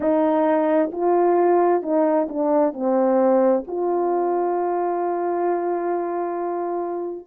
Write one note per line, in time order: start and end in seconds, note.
0.00 0.90 D#4
0.92 1.82 F4
1.82 2.27 D#4
2.29 2.73 D4
2.73 3.64 C4
3.67 7.26 F4